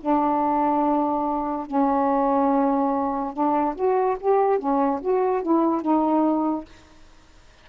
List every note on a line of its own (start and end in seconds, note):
0.00 1.66 D4
1.66 3.33 C#4
3.33 3.74 D4
3.75 4.16 F#4
4.20 4.58 G4
4.58 5.00 C#4
5.01 5.42 F#4
5.42 5.81 E4
5.81 6.64 D#4